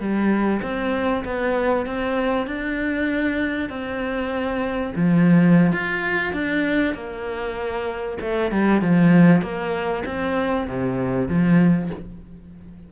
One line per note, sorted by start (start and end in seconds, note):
0.00 0.62 G3
0.62 1.24 C4
1.25 1.86 B3
1.86 2.46 C4
2.46 3.69 D4
3.69 4.93 C4
4.95 5.72 F3
5.72 6.33 F4
6.33 6.94 D4
6.94 8.18 A#3
8.21 8.51 A3
8.51 8.81 G3
8.81 9.42 F3
9.42 10.04 A#3
10.05 10.67 C4
10.67 11.28 C3
11.28 11.90 F3